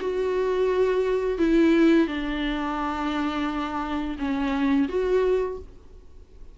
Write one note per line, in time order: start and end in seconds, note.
0.00 1.38 F#4
1.38 2.07 E4
2.07 4.16 D4
4.18 4.88 C#4
4.88 5.58 F#4